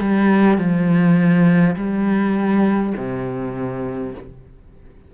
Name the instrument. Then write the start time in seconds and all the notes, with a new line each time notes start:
cello
0.00 G3
0.57 F3
1.75 G3
2.96 C3